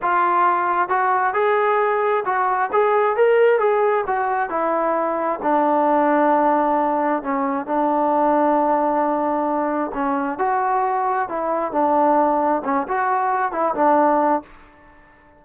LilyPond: \new Staff \with { instrumentName = "trombone" } { \time 4/4 \tempo 4 = 133 f'2 fis'4 gis'4~ | gis'4 fis'4 gis'4 ais'4 | gis'4 fis'4 e'2 | d'1 |
cis'4 d'2.~ | d'2 cis'4 fis'4~ | fis'4 e'4 d'2 | cis'8 fis'4. e'8 d'4. | }